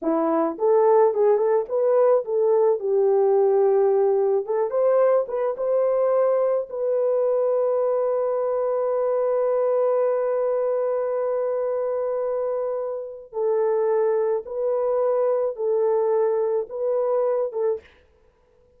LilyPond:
\new Staff \with { instrumentName = "horn" } { \time 4/4 \tempo 4 = 108 e'4 a'4 gis'8 a'8 b'4 | a'4 g'2. | a'8 c''4 b'8 c''2 | b'1~ |
b'1~ | b'1 | a'2 b'2 | a'2 b'4. a'8 | }